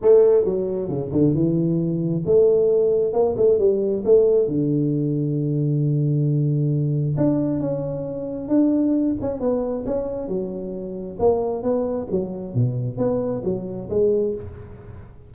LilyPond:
\new Staff \with { instrumentName = "tuba" } { \time 4/4 \tempo 4 = 134 a4 fis4 cis8 d8 e4~ | e4 a2 ais8 a8 | g4 a4 d2~ | d1 |
d'4 cis'2 d'4~ | d'8 cis'8 b4 cis'4 fis4~ | fis4 ais4 b4 fis4 | b,4 b4 fis4 gis4 | }